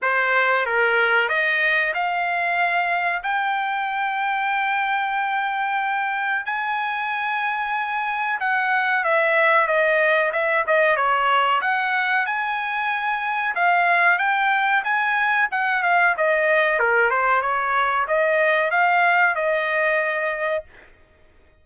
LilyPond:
\new Staff \with { instrumentName = "trumpet" } { \time 4/4 \tempo 4 = 93 c''4 ais'4 dis''4 f''4~ | f''4 g''2.~ | g''2 gis''2~ | gis''4 fis''4 e''4 dis''4 |
e''8 dis''8 cis''4 fis''4 gis''4~ | gis''4 f''4 g''4 gis''4 | fis''8 f''8 dis''4 ais'8 c''8 cis''4 | dis''4 f''4 dis''2 | }